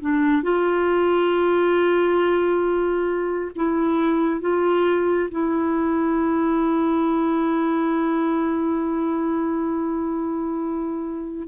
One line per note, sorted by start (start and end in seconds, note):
0.00 0.42 D4
0.42 3.51 F4
3.55 4.40 E4
4.40 5.29 F4
5.30 11.47 E4